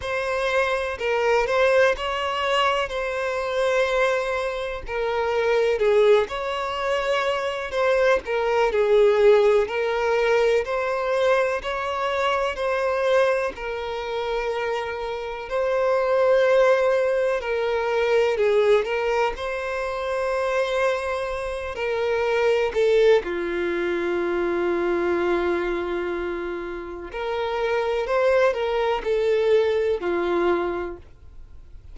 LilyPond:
\new Staff \with { instrumentName = "violin" } { \time 4/4 \tempo 4 = 62 c''4 ais'8 c''8 cis''4 c''4~ | c''4 ais'4 gis'8 cis''4. | c''8 ais'8 gis'4 ais'4 c''4 | cis''4 c''4 ais'2 |
c''2 ais'4 gis'8 ais'8 | c''2~ c''8 ais'4 a'8 | f'1 | ais'4 c''8 ais'8 a'4 f'4 | }